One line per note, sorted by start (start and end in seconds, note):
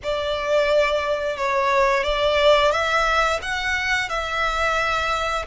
0.03 1.36 D5
1.36 2.03 C#5
2.03 2.71 D5
2.71 3.39 E5
3.42 4.09 F#5
4.09 5.45 E5